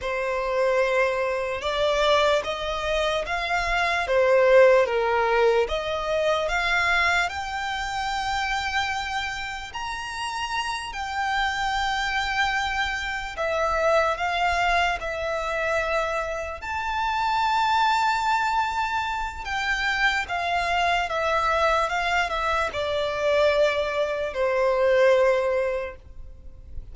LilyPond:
\new Staff \with { instrumentName = "violin" } { \time 4/4 \tempo 4 = 74 c''2 d''4 dis''4 | f''4 c''4 ais'4 dis''4 | f''4 g''2. | ais''4. g''2~ g''8~ |
g''8 e''4 f''4 e''4.~ | e''8 a''2.~ a''8 | g''4 f''4 e''4 f''8 e''8 | d''2 c''2 | }